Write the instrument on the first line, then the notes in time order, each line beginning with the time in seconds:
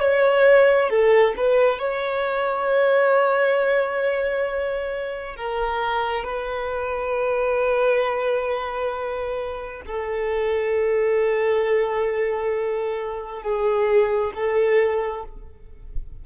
violin
0.00 C#5
0.90 A4
1.37 B4
1.79 C#5
5.36 A#4
6.24 B4
9.86 A4
13.42 G#4
14.35 A4